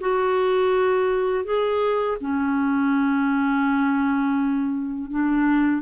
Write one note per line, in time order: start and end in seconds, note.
0.00 1.44 F#4
1.44 2.18 G#4
2.21 5.11 C#4
5.11 5.82 D4